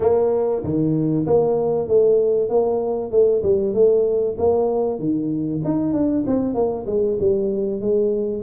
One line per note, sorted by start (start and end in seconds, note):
0.00 0.62 A#3
0.63 1.26 D#3
1.26 1.88 A#3
1.88 2.49 A3
2.49 3.11 A#3
3.11 3.42 A3
3.43 3.74 G3
3.74 4.36 A3
4.38 4.99 A#3
4.99 5.61 D#3
5.64 5.93 D#4
5.93 6.24 D4
6.26 6.54 C4
6.54 6.85 A#3
6.86 7.17 G#3
7.20 7.80 G3
7.80 8.43 G#3